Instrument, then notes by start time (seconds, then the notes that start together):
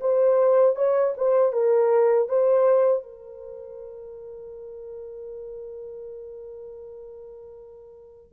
horn
0.00 C5
0.75 C#5
1.17 C5
1.52 A#4
2.28 C5
3.03 A#4